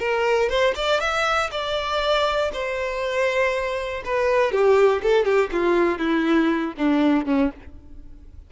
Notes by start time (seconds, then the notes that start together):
0.00 A#4
0.50 C5
0.76 D5
1.01 E5
1.52 D5
2.53 C5
4.05 B4
4.52 G4
5.03 A4
5.25 G4
5.52 F4
5.99 E4
6.78 D4
7.26 C#4